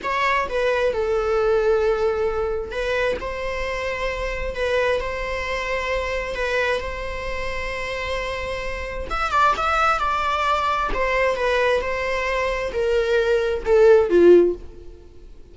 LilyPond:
\new Staff \with { instrumentName = "viola" } { \time 4/4 \tempo 4 = 132 cis''4 b'4 a'2~ | a'2 b'4 c''4~ | c''2 b'4 c''4~ | c''2 b'4 c''4~ |
c''1 | e''8 d''8 e''4 d''2 | c''4 b'4 c''2 | ais'2 a'4 f'4 | }